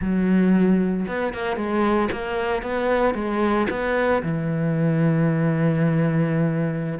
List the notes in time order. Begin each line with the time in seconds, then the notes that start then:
0.01 F#3
1.07 B3
1.33 A#3
1.56 G#3
2.11 A#3
2.62 B3
3.14 G#3
3.69 B3
4.22 E3